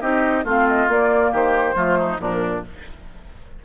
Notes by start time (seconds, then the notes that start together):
0.00 C4 D#4 G4 D#5
0.44 A3 C4 F4 F5
0.68 D#5
0.88 A#3 D5
1.31 D#3 G4 C5
1.74 F3 A3 F4
1.98 D#4
2.15 A#2 F3 D4 A#4